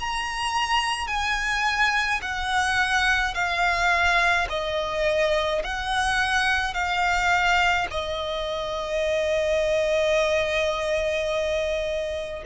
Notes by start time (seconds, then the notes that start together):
0.00 A#5
1.07 G#5
2.21 F#5
3.34 F5
4.49 D#5
5.63 F#5
6.74 F5
7.90 D#5